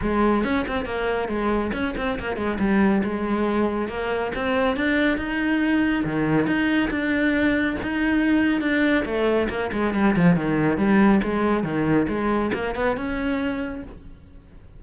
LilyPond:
\new Staff \with { instrumentName = "cello" } { \time 4/4 \tempo 4 = 139 gis4 cis'8 c'8 ais4 gis4 | cis'8 c'8 ais8 gis8 g4 gis4~ | gis4 ais4 c'4 d'4 | dis'2 dis4 dis'4 |
d'2 dis'2 | d'4 a4 ais8 gis8 g8 f8 | dis4 g4 gis4 dis4 | gis4 ais8 b8 cis'2 | }